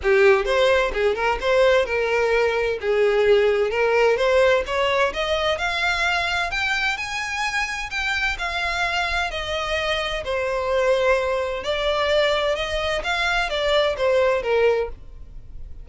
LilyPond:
\new Staff \with { instrumentName = "violin" } { \time 4/4 \tempo 4 = 129 g'4 c''4 gis'8 ais'8 c''4 | ais'2 gis'2 | ais'4 c''4 cis''4 dis''4 | f''2 g''4 gis''4~ |
gis''4 g''4 f''2 | dis''2 c''2~ | c''4 d''2 dis''4 | f''4 d''4 c''4 ais'4 | }